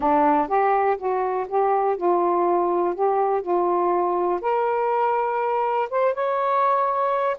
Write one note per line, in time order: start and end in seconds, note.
0.00 0.48 D4
0.48 0.97 G4
0.97 1.46 F#4
1.48 1.96 G4
1.96 2.94 F4
2.94 3.42 G4
3.42 4.40 F4
4.41 5.89 A#4
5.90 6.13 C5
6.13 7.36 C#5